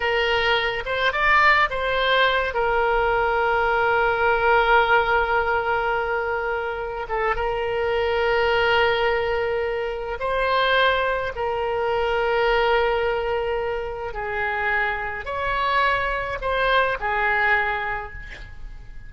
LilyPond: \new Staff \with { instrumentName = "oboe" } { \time 4/4 \tempo 4 = 106 ais'4. c''8 d''4 c''4~ | c''8 ais'2.~ ais'8~ | ais'1~ | ais'8 a'8 ais'2.~ |
ais'2 c''2 | ais'1~ | ais'4 gis'2 cis''4~ | cis''4 c''4 gis'2 | }